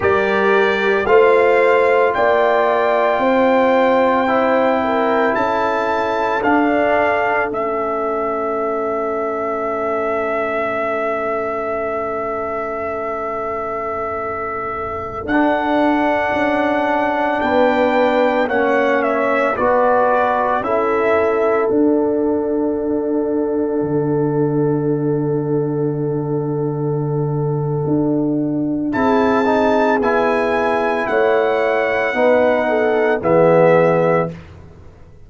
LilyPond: <<
  \new Staff \with { instrumentName = "trumpet" } { \time 4/4 \tempo 4 = 56 d''4 f''4 g''2~ | g''4 a''4 f''4 e''4~ | e''1~ | e''2~ e''16 fis''4.~ fis''16~ |
fis''16 g''4 fis''8 e''8 d''4 e''8.~ | e''16 fis''2.~ fis''8.~ | fis''2. a''4 | gis''4 fis''2 e''4 | }
  \new Staff \with { instrumentName = "horn" } { \time 4/4 ais'4 c''4 d''4 c''4~ | c''8 ais'8 a'2.~ | a'1~ | a'1~ |
a'16 b'4 cis''4 b'4 a'8.~ | a'1~ | a'2. gis'4~ | gis'4 cis''4 b'8 a'8 gis'4 | }
  \new Staff \with { instrumentName = "trombone" } { \time 4/4 g'4 f'2. | e'2 d'4 cis'4~ | cis'1~ | cis'2~ cis'16 d'4.~ d'16~ |
d'4~ d'16 cis'4 fis'4 e'8.~ | e'16 d'2.~ d'8.~ | d'2. e'8 dis'8 | e'2 dis'4 b4 | }
  \new Staff \with { instrumentName = "tuba" } { \time 4/4 g4 a4 ais4 c'4~ | c'4 cis'4 d'4 a4~ | a1~ | a2~ a16 d'4 cis'8.~ |
cis'16 b4 ais4 b4 cis'8.~ | cis'16 d'2 d4.~ d16~ | d2 d'4 c'4 | b4 a4 b4 e4 | }
>>